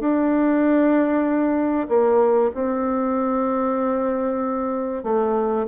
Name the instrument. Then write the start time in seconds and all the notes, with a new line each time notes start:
bassoon
0.00 D4
1.89 A#3
2.54 C4
5.04 A3